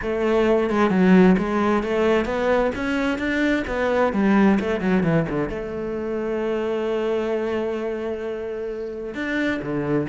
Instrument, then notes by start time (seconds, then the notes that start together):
cello
0.01 A3
0.70 G#3
0.90 F#3
1.38 G#3
1.83 A3
2.25 B3
2.75 C#4
3.18 D4
3.67 B3
4.12 G3
4.59 A3
4.80 F#3
5.03 E3
5.29 D3
5.49 A3
9.14 D4
9.61 D3